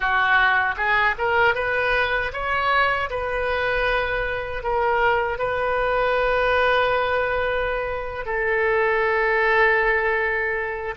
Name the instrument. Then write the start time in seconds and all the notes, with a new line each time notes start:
oboe
0.00 F#4
0.77 G#4
1.17 A#4
1.55 B4
2.32 C#5
3.10 B4
4.63 A#4
5.38 B4
8.25 A4